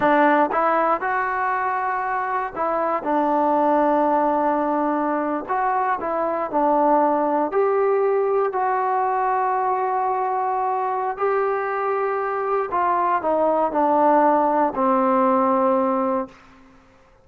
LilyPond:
\new Staff \with { instrumentName = "trombone" } { \time 4/4 \tempo 4 = 118 d'4 e'4 fis'2~ | fis'4 e'4 d'2~ | d'2~ d'8. fis'4 e'16~ | e'8. d'2 g'4~ g'16~ |
g'8. fis'2.~ fis'16~ | fis'2 g'2~ | g'4 f'4 dis'4 d'4~ | d'4 c'2. | }